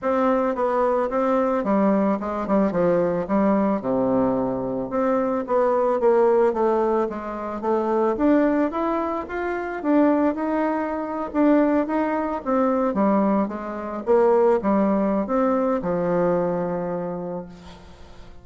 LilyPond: \new Staff \with { instrumentName = "bassoon" } { \time 4/4 \tempo 4 = 110 c'4 b4 c'4 g4 | gis8 g8 f4 g4 c4~ | c4 c'4 b4 ais4 | a4 gis4 a4 d'4 |
e'4 f'4 d'4 dis'4~ | dis'8. d'4 dis'4 c'4 g16~ | g8. gis4 ais4 g4~ g16 | c'4 f2. | }